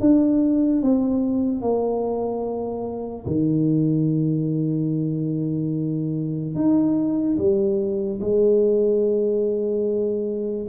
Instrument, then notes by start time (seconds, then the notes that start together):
tuba
0.00 D4
0.82 C4
1.61 A#3
3.26 D#3
6.55 D#4
7.37 G3
8.20 G#3